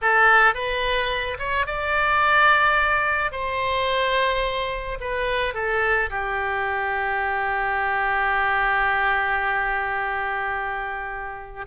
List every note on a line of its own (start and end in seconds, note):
0.01 0.54 A4
0.54 1.37 B4
1.38 1.66 C#5
1.66 3.31 D5
3.31 4.98 C5
5.00 5.54 B4
5.54 6.09 A4
6.10 11.65 G4